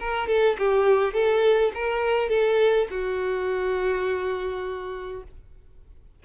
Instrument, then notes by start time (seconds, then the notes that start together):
violin
0.00 A#4
0.28 A4
0.59 G4
1.14 A4
1.75 A#4
2.30 A4
2.91 F#4